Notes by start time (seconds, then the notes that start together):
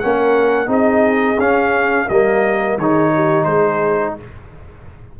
0.00 A#3 C#4 A#4 F#5
0.67 C4 D#4 G#4 D#5
1.39 C#4 F5
2.08 G3 A#3 A#4 D#5
2.78 D#3 D#4 G#4 C#5
3.15 G4
3.45 G#3 G#4 C5